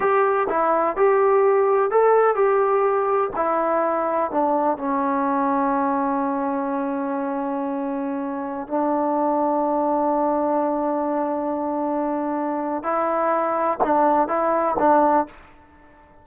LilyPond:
\new Staff \with { instrumentName = "trombone" } { \time 4/4 \tempo 4 = 126 g'4 e'4 g'2 | a'4 g'2 e'4~ | e'4 d'4 cis'2~ | cis'1~ |
cis'2~ cis'16 d'4.~ d'16~ | d'1~ | d'2. e'4~ | e'4 d'4 e'4 d'4 | }